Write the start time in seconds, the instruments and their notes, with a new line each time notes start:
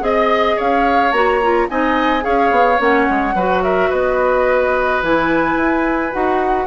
0.00 bassoon C4, clarinet G#4, flute D#5, oboe D#5
0.56 bassoon C#4, oboe C#5, flute F5
1.11 bassoon A#3, clarinet F#4, flute A#5
1.42 clarinet F4
1.69 bassoon C4, clarinet D#4, oboe D#5, flute G#5
2.20 bassoon C#4, clarinet G#4, oboe C#5, flute F5
2.50 bassoon B3
2.78 bassoon A#3, clarinet C#4, flute F#5
3.09 bassoon G#3
3.34 bassoon F#3, clarinet F#4, oboe B4
3.63 oboe A#4, flute E5
3.89 bassoon B3, oboe B4, flute D#5
5.02 bassoon E3, clarinet E4, flute G#5
5.56 bassoon E4
6.11 bassoon D#4, clarinet F#4, flute F#5